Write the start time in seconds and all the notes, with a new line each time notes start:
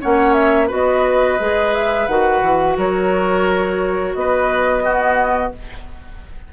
0.00 A#3 C#4 C#5 F#5
0.33 E5
0.67 B3 F#4 B4 D#5
1.39 G#3 G#4
1.74 E5
2.07 D#3 F#4 F#5
2.42 E3
2.76 F#3 A#4 C#5
4.14 B3 B4 D#5
4.83 B3 F#4